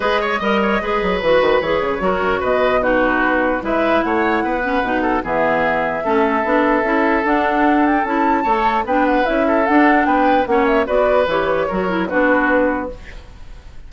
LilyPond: <<
  \new Staff \with { instrumentName = "flute" } { \time 4/4 \tempo 4 = 149 dis''2. b'4 | cis''2 dis''4 b'4~ | b'4 e''4 fis''2~ | fis''4 e''2.~ |
e''2 fis''4. g''8 | a''2 g''8 fis''8 e''4 | fis''4 g''4 fis''8 e''8 d''4 | cis''2 b'2 | }
  \new Staff \with { instrumentName = "oboe" } { \time 4/4 b'8 cis''8 dis''8 cis''8 b'2~ | b'4 ais'4 b'4 fis'4~ | fis'4 b'4 cis''4 b'4~ | b'8 a'8 gis'2 a'4~ |
a'1~ | a'4 cis''4 b'4. a'8~ | a'4 b'4 cis''4 b'4~ | b'4 ais'4 fis'2 | }
  \new Staff \with { instrumentName = "clarinet" } { \time 4/4 gis'4 ais'4 gis'4 fis'4 | gis'4 fis'2 dis'4~ | dis'4 e'2~ e'8 cis'8 | dis'4 b2 cis'4 |
d'4 e'4 d'2 | e'4 a'4 d'4 e'4 | d'2 cis'4 fis'4 | g'4 fis'8 e'8 d'2 | }
  \new Staff \with { instrumentName = "bassoon" } { \time 4/4 gis4 g4 gis8 fis8 e8 dis8 | e8 cis8 fis8 fis,8 b,2~ | b,4 gis4 a4 b4 | b,4 e2 a4 |
b4 cis'4 d'2 | cis'4 a4 b4 cis'4 | d'4 b4 ais4 b4 | e4 fis4 b2 | }
>>